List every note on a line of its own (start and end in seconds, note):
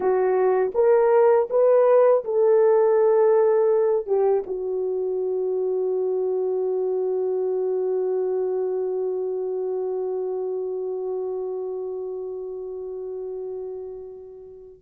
0.00 0.71 F#4
0.74 1.48 A#4
1.49 2.24 B4
2.24 4.06 A4
4.06 4.43 G4
4.46 14.81 F#4